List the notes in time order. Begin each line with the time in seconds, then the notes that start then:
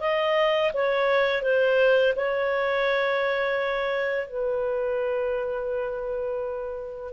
0.00 D#5
0.73 C#5
1.42 C5
2.16 C#5
4.27 B4